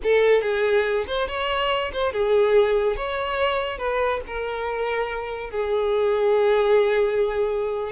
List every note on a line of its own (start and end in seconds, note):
0.03 0.41 A4
0.41 1.05 G#4
1.07 1.28 C5
1.28 1.91 C#5
1.92 2.12 C5
2.12 2.96 G#4
2.96 3.78 C#5
3.78 4.20 B4
4.27 5.50 A#4
5.50 7.92 G#4